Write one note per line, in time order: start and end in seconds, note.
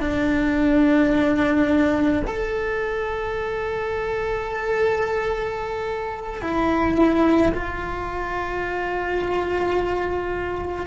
0.00 2.22 D4
2.27 6.41 A4
6.41 7.53 E4
7.54 10.86 F4